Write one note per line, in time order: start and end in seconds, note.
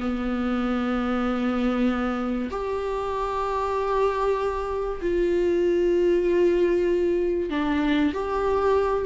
0.00 2.50 B3
2.51 5.01 G4
5.01 7.50 F4
7.50 8.12 D4
8.13 9.05 G4